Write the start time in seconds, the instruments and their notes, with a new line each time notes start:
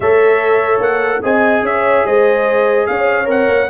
0.00 tuba A3, trombone A4, horn C#5, trumpet E5
0.79 tuba A#3, trumpet F#5
1.22 tuba C4, trombone G#4, horn D#5, trumpet G#5
1.62 tuba C#4, horn C#5, trumpet E5
2.06 tuba G#3, horn C5, trumpet D#5
2.86 tuba C#4, horn C#5, trumpet F5
3.24 tuba C4, trombone A#4, trumpet F#5
3.48 tuba A#3